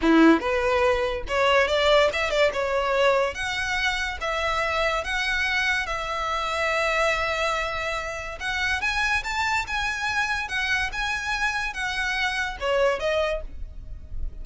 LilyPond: \new Staff \with { instrumentName = "violin" } { \time 4/4 \tempo 4 = 143 e'4 b'2 cis''4 | d''4 e''8 d''8 cis''2 | fis''2 e''2 | fis''2 e''2~ |
e''1 | fis''4 gis''4 a''4 gis''4~ | gis''4 fis''4 gis''2 | fis''2 cis''4 dis''4 | }